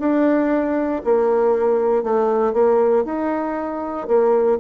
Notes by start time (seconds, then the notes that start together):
0.00 D4
1.05 A#3
2.03 A3
2.54 A#3
3.05 D#4
4.08 A#3